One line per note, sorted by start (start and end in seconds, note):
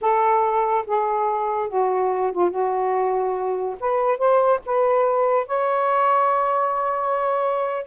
0.01 0.85 A4
0.86 1.69 G#4
1.69 2.32 F#4
2.32 2.50 F4
2.50 3.76 F#4
3.80 4.18 B4
4.18 4.60 C5
4.65 5.46 B4
5.46 7.86 C#5